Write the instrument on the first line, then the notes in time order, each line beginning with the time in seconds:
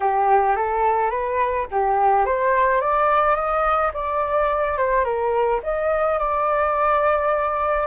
flute
0.00 G4
0.56 A4
1.10 B4
1.71 G4
2.25 C5
2.80 D5
3.35 D#5
3.93 D5
4.77 C5
5.04 A#4
5.63 D#5
6.18 D5